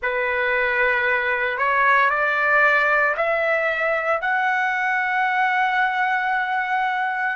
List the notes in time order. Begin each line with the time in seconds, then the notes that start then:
0.02 B4
1.57 C#5
2.10 D5
3.16 E5
4.21 F#5